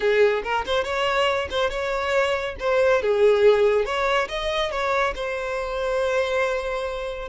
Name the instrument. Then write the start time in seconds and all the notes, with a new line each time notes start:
violin
0.00 G#4
0.43 A#4
0.65 C5
0.84 C#5
1.50 C5
1.70 C#5
2.59 C5
3.02 G#4
3.85 C#5
4.28 D#5
4.71 C#5
5.15 C5